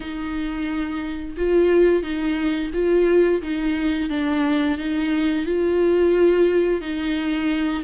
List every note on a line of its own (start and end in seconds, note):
0.00 1.36 D#4
1.37 2.02 F4
2.02 2.71 D#4
2.73 3.41 F4
3.42 4.09 D#4
4.09 4.77 D4
4.78 5.45 D#4
5.45 6.81 F4
6.81 7.83 D#4